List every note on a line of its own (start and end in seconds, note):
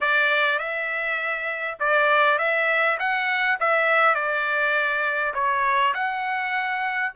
0.00 0.59 D5
0.59 1.77 E5
1.79 2.38 D5
2.38 2.98 E5
2.99 3.58 F#5
3.59 4.14 E5
4.14 5.33 D5
5.34 5.93 C#5
5.94 7.12 F#5